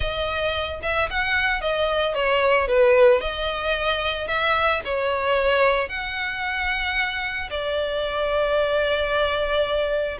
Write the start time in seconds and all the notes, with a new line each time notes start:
0.00 D#5
0.82 E5
1.10 F#5
1.61 D#5
2.14 C#5
2.67 B4
3.20 D#5
4.27 E5
4.84 C#5
5.89 F#5
7.50 D5